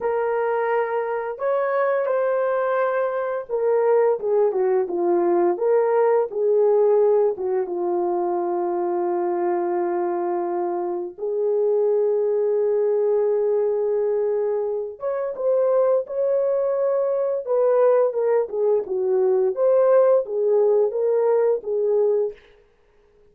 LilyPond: \new Staff \with { instrumentName = "horn" } { \time 4/4 \tempo 4 = 86 ais'2 cis''4 c''4~ | c''4 ais'4 gis'8 fis'8 f'4 | ais'4 gis'4. fis'8 f'4~ | f'1 |
gis'1~ | gis'4. cis''8 c''4 cis''4~ | cis''4 b'4 ais'8 gis'8 fis'4 | c''4 gis'4 ais'4 gis'4 | }